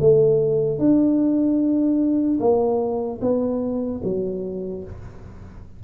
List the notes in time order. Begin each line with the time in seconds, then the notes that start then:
0.00 A3
0.79 D4
2.40 A#3
3.21 B3
4.04 F#3